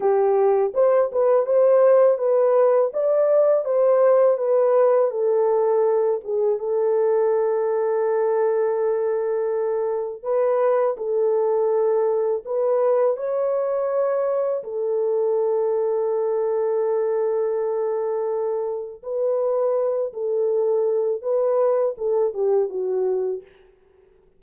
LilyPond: \new Staff \with { instrumentName = "horn" } { \time 4/4 \tempo 4 = 82 g'4 c''8 b'8 c''4 b'4 | d''4 c''4 b'4 a'4~ | a'8 gis'8 a'2.~ | a'2 b'4 a'4~ |
a'4 b'4 cis''2 | a'1~ | a'2 b'4. a'8~ | a'4 b'4 a'8 g'8 fis'4 | }